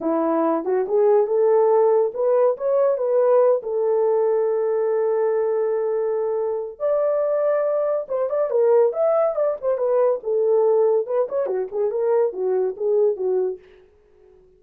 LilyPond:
\new Staff \with { instrumentName = "horn" } { \time 4/4 \tempo 4 = 141 e'4. fis'8 gis'4 a'4~ | a'4 b'4 cis''4 b'4~ | b'8 a'2.~ a'8~ | a'1 |
d''2. c''8 d''8 | ais'4 e''4 d''8 c''8 b'4 | a'2 b'8 cis''8 fis'8 gis'8 | ais'4 fis'4 gis'4 fis'4 | }